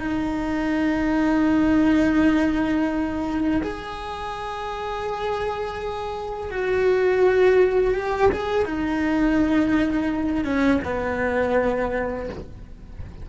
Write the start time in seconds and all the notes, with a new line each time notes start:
0.00 D#4
3.63 G#4
6.51 F#4
7.95 G4
8.32 G#4
8.65 D#4
10.45 C#4
10.85 B3